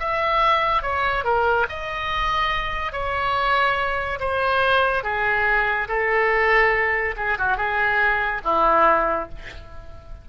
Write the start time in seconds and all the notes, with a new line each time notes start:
0.00 E5
0.83 C#5
1.24 A#4
1.69 D#5
2.93 C#5
4.20 C5
5.04 G#4
5.89 A4
7.17 G#4
7.39 F#4
7.57 G#4
8.45 E4